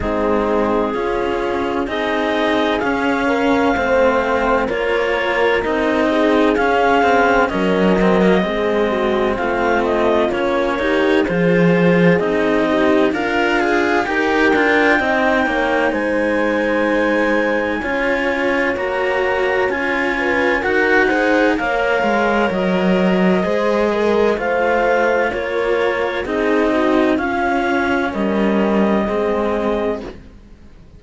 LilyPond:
<<
  \new Staff \with { instrumentName = "clarinet" } { \time 4/4 \tempo 4 = 64 gis'2 dis''4 f''4~ | f''4 cis''4 dis''4 f''4 | dis''2 f''8 dis''8 cis''4 | c''4 dis''4 f''4 g''4~ |
g''4 gis''2. | ais''4 gis''4 fis''4 f''4 | dis''2 f''4 cis''4 | dis''4 f''4 dis''2 | }
  \new Staff \with { instrumentName = "horn" } { \time 4/4 dis'4 f'4 gis'4. ais'8 | c''4 ais'4. gis'4. | ais'4 gis'8 fis'8 f'4. g'8 | gis'4. g'8 f'4 ais'4 |
dis''8 cis''8 c''2 cis''4~ | cis''4. b'8 ais'8 c''8 cis''4~ | cis''4 c''8 ais'8 c''4 ais'4 | gis'8 fis'8 f'4 ais'4 gis'4 | }
  \new Staff \with { instrumentName = "cello" } { \time 4/4 c'4 cis'4 dis'4 cis'4 | c'4 f'4 dis'4 cis'8 c'8 | cis'8 c'16 ais16 c'2 cis'8 dis'8 | f'4 dis'4 ais'8 gis'8 g'8 f'8 |
dis'2. f'4 | fis'4 f'4 fis'8 gis'8 ais'4~ | ais'4 gis'4 f'2 | dis'4 cis'2 c'4 | }
  \new Staff \with { instrumentName = "cello" } { \time 4/4 gis4 cis'4 c'4 cis'4 | a4 ais4 c'4 cis'4 | fis4 gis4 a4 ais4 | f4 c'4 d'4 dis'8 d'8 |
c'8 ais8 gis2 cis'4 | ais4 cis'4 dis'4 ais8 gis8 | fis4 gis4 a4 ais4 | c'4 cis'4 g4 gis4 | }
>>